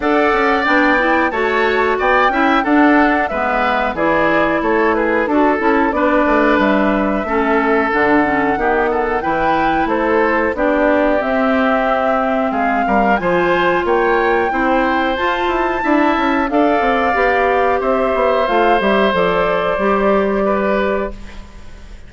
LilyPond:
<<
  \new Staff \with { instrumentName = "flute" } { \time 4/4 \tempo 4 = 91 fis''4 g''4 a''4 g''4 | fis''4 e''4 d''4 cis''8 b'8 | a'4 d''4 e''2 | fis''2 g''4 c''4 |
d''4 e''2 f''4 | gis''4 g''2 a''4~ | a''4 f''2 e''4 | f''8 e''8 d''2. | }
  \new Staff \with { instrumentName = "oboe" } { \time 4/4 d''2 cis''4 d''8 e''8 | a'4 b'4 gis'4 a'8 gis'8 | a'4 b'2 a'4~ | a'4 g'8 a'8 b'4 a'4 |
g'2. gis'8 ais'8 | c''4 cis''4 c''2 | e''4 d''2 c''4~ | c''2. b'4 | }
  \new Staff \with { instrumentName = "clarinet" } { \time 4/4 a'4 d'8 e'8 fis'4. e'8 | d'4 b4 e'2 | fis'8 e'8 d'2 cis'4 | d'8 cis'8 b4 e'2 |
d'4 c'2. | f'2 e'4 f'4 | e'4 a'4 g'2 | f'8 g'8 a'4 g'2 | }
  \new Staff \with { instrumentName = "bassoon" } { \time 4/4 d'8 cis'8 b4 a4 b8 cis'8 | d'4 gis4 e4 a4 | d'8 cis'8 b8 a8 g4 a4 | d4 dis4 e4 a4 |
b4 c'2 gis8 g8 | f4 ais4 c'4 f'8 e'8 | d'8 cis'8 d'8 c'8 b4 c'8 b8 | a8 g8 f4 g2 | }
>>